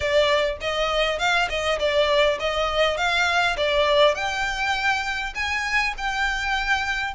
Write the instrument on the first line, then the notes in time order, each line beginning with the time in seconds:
violin
0.00 D5
0.60 D#5
1.19 F5
1.49 D#5
1.79 D5
2.39 D#5
2.97 F5
3.56 D5
4.14 G5
5.34 G#5
5.97 G5